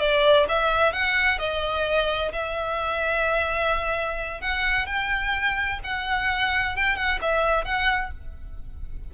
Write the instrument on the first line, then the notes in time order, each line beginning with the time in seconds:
violin
0.00 D5
0.49 E5
0.93 F#5
1.39 D#5
2.33 E5
4.41 F#5
4.86 G5
5.84 F#5
6.76 G5
6.96 F#5
7.21 E5
7.65 F#5